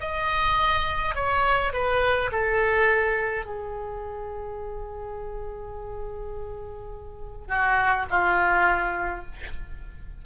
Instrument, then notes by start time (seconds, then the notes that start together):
oboe
0.00 D#5
1.15 C#5
1.73 B4
2.31 A4
3.45 G#4
7.48 F#4
8.10 F4